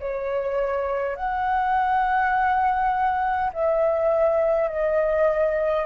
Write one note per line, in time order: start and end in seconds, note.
0.00 1.16 C#5
1.16 3.51 F#5
3.53 4.68 E5
4.68 5.86 D#5